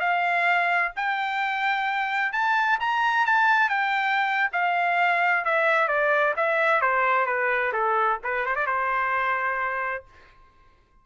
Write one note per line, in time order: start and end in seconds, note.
0.00 0.92 F5
0.96 2.32 G5
2.32 2.79 A5
2.80 3.26 A#5
3.26 3.69 A5
3.69 4.50 G5
4.53 5.45 F5
5.45 5.88 E5
5.88 6.34 D5
6.36 6.81 E5
6.81 7.26 C5
7.26 7.72 B4
7.73 8.19 A4
8.24 8.45 B4
8.45 8.55 C5
8.55 8.66 D5
8.66 10.05 C5